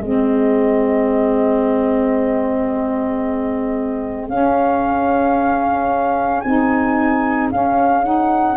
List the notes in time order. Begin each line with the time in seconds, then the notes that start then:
0.00 G#3 C4 G#4 D#5
4.28 C#4 F5
6.40 C4 D#4 G#5
7.51 C#4 F5
8.03 D#4 F#5